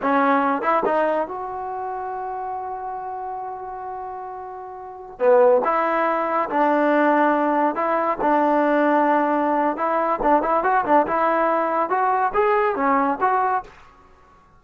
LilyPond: \new Staff \with { instrumentName = "trombone" } { \time 4/4 \tempo 4 = 141 cis'4. e'8 dis'4 fis'4~ | fis'1~ | fis'1~ | fis'16 b4 e'2 d'8.~ |
d'2~ d'16 e'4 d'8.~ | d'2. e'4 | d'8 e'8 fis'8 d'8 e'2 | fis'4 gis'4 cis'4 fis'4 | }